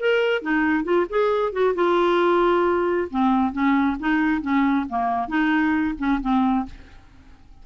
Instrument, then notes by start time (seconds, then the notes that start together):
clarinet
0.00 A#4
0.42 D#4
0.84 F4
1.10 G#4
1.53 F#4
1.75 F4
3.11 C4
3.53 C#4
4.00 D#4
4.42 C#4
4.89 A#3
5.28 D#4
5.98 C#4
6.21 C4